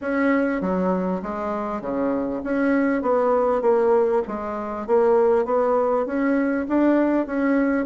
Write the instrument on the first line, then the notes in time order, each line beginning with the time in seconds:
bassoon
0.01 C#4
0.61 F#3
1.22 G#3
1.81 C#3
2.43 C#4
3.01 B3
3.61 A#3
4.27 G#3
4.87 A#3
5.45 B3
6.06 C#4
6.68 D4
7.26 C#4